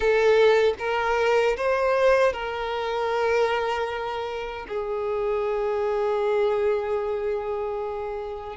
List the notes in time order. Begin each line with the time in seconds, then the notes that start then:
0.00 A4
0.78 A#4
1.56 C5
2.32 A#4
4.68 G#4